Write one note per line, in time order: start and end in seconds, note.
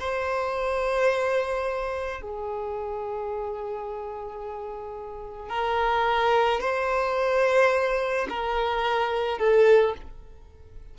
0.00 2.22 C5
2.22 5.49 G#4
5.49 6.61 A#4
6.61 8.28 C5
8.30 9.39 A#4
9.39 9.94 A4